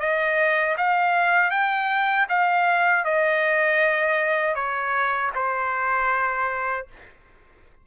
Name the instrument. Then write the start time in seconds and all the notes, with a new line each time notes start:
trumpet
0.00 D#5
0.78 F5
1.51 G5
2.29 F5
3.05 D#5
4.55 C#5
5.35 C5